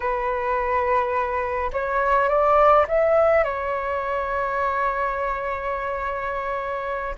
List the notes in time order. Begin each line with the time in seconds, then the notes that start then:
0.00 B4
1.72 C#5
2.29 D5
2.88 E5
3.44 C#5